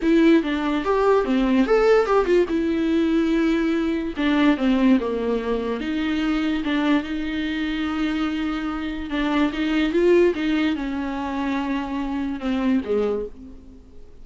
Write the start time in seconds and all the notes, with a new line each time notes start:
0.02 E4
0.43 D4
0.84 G4
1.25 C4
1.66 A4
2.06 G4
2.25 F4
2.48 E4
4.16 D4
4.57 C4
5.00 A#3
5.80 D#4
6.64 D4
7.03 D#4
9.10 D4
9.52 D#4
9.92 F4
10.34 D#4
10.75 C#4
12.39 C4
12.84 G#3